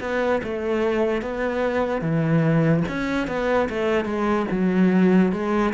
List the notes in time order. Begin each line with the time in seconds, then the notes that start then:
0.00 B3
0.43 A3
1.22 B3
2.01 E3
2.88 C#4
3.27 B3
3.69 A3
4.05 G#3
4.51 F#3
5.32 G#3